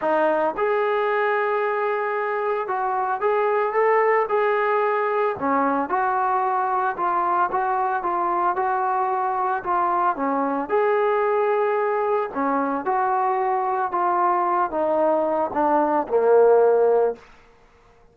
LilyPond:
\new Staff \with { instrumentName = "trombone" } { \time 4/4 \tempo 4 = 112 dis'4 gis'2.~ | gis'4 fis'4 gis'4 a'4 | gis'2 cis'4 fis'4~ | fis'4 f'4 fis'4 f'4 |
fis'2 f'4 cis'4 | gis'2. cis'4 | fis'2 f'4. dis'8~ | dis'4 d'4 ais2 | }